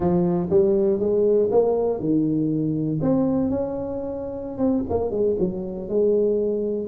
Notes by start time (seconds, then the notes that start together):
0.00 F3
0.50 G3
0.99 G#3
1.51 A#3
1.99 D#3
3.01 C4
3.50 C#4
4.58 C4
4.89 A#3
5.10 G#3
5.39 F#3
5.89 G#3